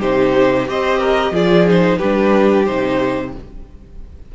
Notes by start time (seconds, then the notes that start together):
0.00 C3 D#4 G4 C5
0.67 C4 G4 C5 D#5
0.99 A#4
1.32 F3 F4 G#4 D5
1.67 D#4 C5
1.98 G3 D4 G4 B4
2.66 C3 D#4 C5